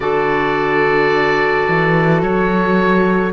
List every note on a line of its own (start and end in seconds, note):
0.00 1.66 D3
0.00 3.31 F#4
0.00 3.32 A4
0.00 2.21 D5
1.68 2.22 E3
2.22 3.32 F#3
2.22 3.32 C#5